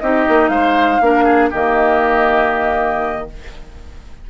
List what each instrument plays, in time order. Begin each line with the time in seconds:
0.00 bassoon C4, clarinet D#4, oboe G4, flute D#5
0.28 bassoon A#3
0.49 bassoon G#3, oboe C5, flute F5
1.01 bassoon A#3, clarinet D4, oboe A#4
1.24 oboe G#4
1.51 bassoon D#3, clarinet A#3, oboe G4, flute D#5